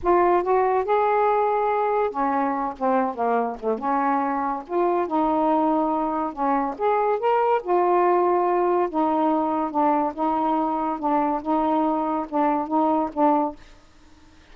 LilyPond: \new Staff \with { instrumentName = "saxophone" } { \time 4/4 \tempo 4 = 142 f'4 fis'4 gis'2~ | gis'4 cis'4. c'4 ais8~ | ais8 a8 cis'2 f'4 | dis'2. cis'4 |
gis'4 ais'4 f'2~ | f'4 dis'2 d'4 | dis'2 d'4 dis'4~ | dis'4 d'4 dis'4 d'4 | }